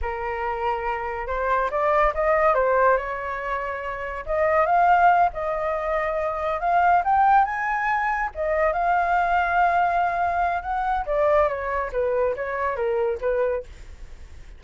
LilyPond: \new Staff \with { instrumentName = "flute" } { \time 4/4 \tempo 4 = 141 ais'2. c''4 | d''4 dis''4 c''4 cis''4~ | cis''2 dis''4 f''4~ | f''8 dis''2. f''8~ |
f''8 g''4 gis''2 dis''8~ | dis''8 f''2.~ f''8~ | f''4 fis''4 d''4 cis''4 | b'4 cis''4 ais'4 b'4 | }